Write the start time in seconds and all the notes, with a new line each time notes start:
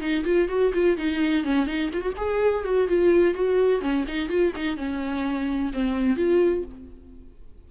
0.00 D#4
0.24 F4
0.48 F#4
0.73 F4
0.97 D#4
1.44 C#4
1.66 D#4
1.93 F4
2.01 F#4
2.17 G#4
2.64 F#4
2.88 F4
3.34 F#4
3.81 C#4
4.07 D#4
4.29 F4
4.55 D#4
4.76 C#4
5.73 C4
6.16 F4